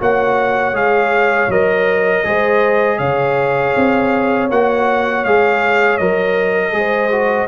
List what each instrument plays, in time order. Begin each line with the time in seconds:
0.00 tuba A#3, trombone F#4, horn C#5, trumpet F#5
0.73 tuba G#3, trombone G#4, trumpet F5
1.49 tuba F#3, trombone A#4, trumpet D#5
2.25 tuba G#3, trombone G#4, horn C5
2.98 tuba C#3, horn C#5, trumpet F5
3.77 tuba C4
4.51 tuba A#3, trombone F#4, trumpet F#5
5.25 tuba G#3, trombone G#4, trumpet F5
5.98 tuba F#3, trombone A#4, trumpet D#5
6.73 tuba G#3, trombone G#4, horn C5
7.12 trombone F#4